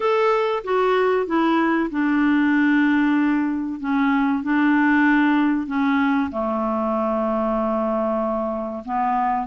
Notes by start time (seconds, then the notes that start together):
0.00 A4
0.64 F#4
1.26 E4
1.90 D4
3.80 C#4
4.43 D4
5.66 C#4
6.31 A3
8.84 B3